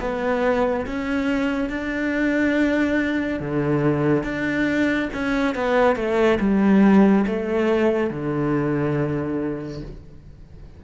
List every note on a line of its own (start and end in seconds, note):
0.00 0.86 B3
0.86 1.69 C#4
1.69 3.40 D4
3.40 4.23 D3
4.23 5.09 D4
5.13 5.55 C#4
5.55 5.96 B3
5.96 6.39 A3
6.40 7.25 G3
7.27 8.10 A3
8.10 9.82 D3